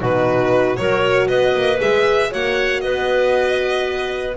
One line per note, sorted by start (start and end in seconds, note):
0.00 0.78 B2
0.00 0.77 D#4
0.00 0.77 F#4
0.00 0.77 B4
0.77 1.29 F#3
0.77 1.77 F#4
0.77 1.28 A#4
0.77 1.28 C#5
1.28 1.55 B3
1.28 2.31 B4
1.28 1.79 D#5
1.55 1.81 A#3
1.77 2.34 G#3
1.77 2.29 G#4
1.77 2.33 E5
2.31 2.85 A#3
2.31 4.37 F#4
2.31 2.83 C#5
2.31 2.81 F#5
2.81 4.37 B3
2.81 4.37 B4
2.81 4.35 D#5